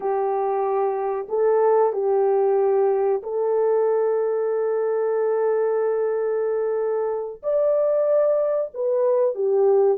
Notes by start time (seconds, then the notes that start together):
0.00 G4
1.28 A4
1.92 G4
3.22 A4
7.42 D5
8.74 B4
9.34 G4